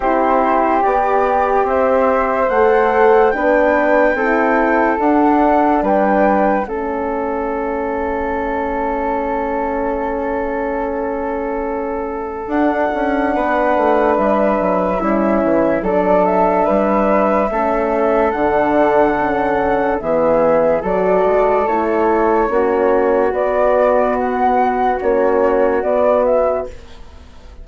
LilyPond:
<<
  \new Staff \with { instrumentName = "flute" } { \time 4/4 \tempo 4 = 72 c''4 d''4 e''4 fis''4 | g''2 fis''4 g''4 | e''1~ | e''2. fis''4~ |
fis''4 e''2 d''8 e''8~ | e''2 fis''2 | e''4 d''4 cis''2 | d''4 fis''4 cis''4 d''8 e''8 | }
  \new Staff \with { instrumentName = "flute" } { \time 4/4 g'2 c''2 | b'4 a'2 b'4 | a'1~ | a'1 |
b'2 e'4 a'4 | b'4 a'2. | gis'4 a'2 fis'4~ | fis'1 | }
  \new Staff \with { instrumentName = "horn" } { \time 4/4 e'4 g'2 a'4 | d'4 e'4 d'2 | cis'1~ | cis'2. d'4~ |
d'2 cis'4 d'4~ | d'4 cis'4 d'4 cis'4 | b4 fis'4 e'4 cis'4 | b2 cis'4 b4 | }
  \new Staff \with { instrumentName = "bassoon" } { \time 4/4 c'4 b4 c'4 a4 | b4 c'4 d'4 g4 | a1~ | a2. d'8 cis'8 |
b8 a8 g8 fis8 g8 e8 fis4 | g4 a4 d2 | e4 fis8 gis8 a4 ais4 | b2 ais4 b4 | }
>>